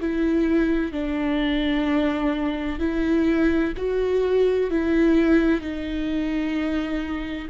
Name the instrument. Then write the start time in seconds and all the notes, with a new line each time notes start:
viola
0.00 E4
0.92 D4
2.79 E4
3.76 F#4
4.70 E4
5.60 D#4